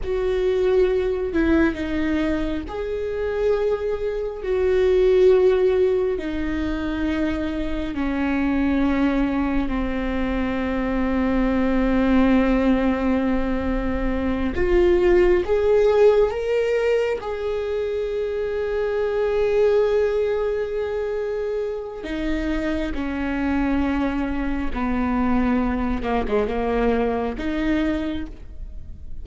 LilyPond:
\new Staff \with { instrumentName = "viola" } { \time 4/4 \tempo 4 = 68 fis'4. e'8 dis'4 gis'4~ | gis'4 fis'2 dis'4~ | dis'4 cis'2 c'4~ | c'1~ |
c'8 f'4 gis'4 ais'4 gis'8~ | gis'1~ | gis'4 dis'4 cis'2 | b4. ais16 gis16 ais4 dis'4 | }